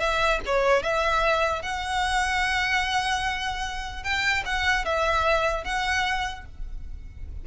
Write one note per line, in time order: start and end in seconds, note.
0.00 0.40 E5
0.46 0.83 C#5
0.83 1.62 E5
1.62 4.04 F#5
4.04 4.44 G5
4.46 4.85 F#5
4.85 5.65 E5
5.65 6.45 F#5